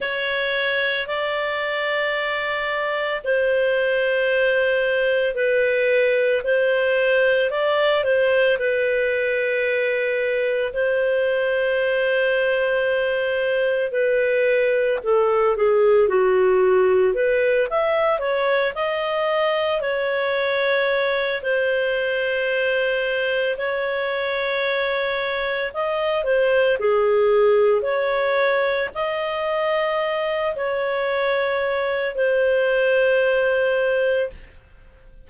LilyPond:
\new Staff \with { instrumentName = "clarinet" } { \time 4/4 \tempo 4 = 56 cis''4 d''2 c''4~ | c''4 b'4 c''4 d''8 c''8 | b'2 c''2~ | c''4 b'4 a'8 gis'8 fis'4 |
b'8 e''8 cis''8 dis''4 cis''4. | c''2 cis''2 | dis''8 c''8 gis'4 cis''4 dis''4~ | dis''8 cis''4. c''2 | }